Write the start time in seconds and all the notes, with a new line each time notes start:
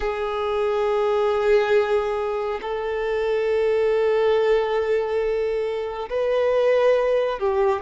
0.00 G#4
2.61 A4
6.09 B4
7.39 G4